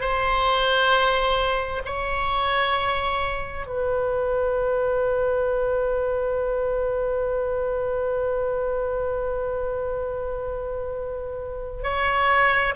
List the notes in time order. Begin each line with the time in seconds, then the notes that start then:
0.00 C5
1.85 C#5
3.66 B4
11.83 C#5